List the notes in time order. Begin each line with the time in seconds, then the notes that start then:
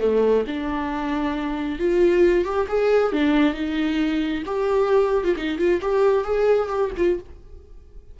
0.00 A3
0.47 D4
1.79 F4
2.45 G4
2.69 G#4
3.13 D4
3.54 D#4
4.46 G4
5.24 F4
5.37 D#4
5.59 F4
5.82 G4
6.25 G#4
6.69 G4
6.97 F4